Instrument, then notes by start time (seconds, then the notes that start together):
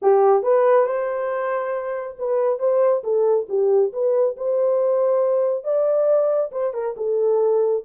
horn
0.02 G4
0.42 B4
0.86 C5
2.18 B4
2.59 C5
3.03 A4
3.48 G4
3.92 B4
4.36 C5
5.64 D5
6.51 C5
6.73 A#4
6.97 A4